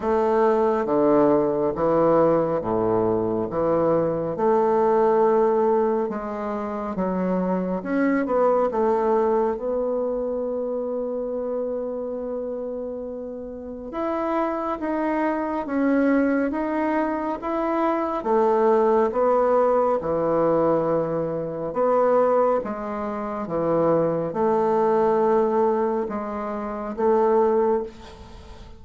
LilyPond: \new Staff \with { instrumentName = "bassoon" } { \time 4/4 \tempo 4 = 69 a4 d4 e4 a,4 | e4 a2 gis4 | fis4 cis'8 b8 a4 b4~ | b1 |
e'4 dis'4 cis'4 dis'4 | e'4 a4 b4 e4~ | e4 b4 gis4 e4 | a2 gis4 a4 | }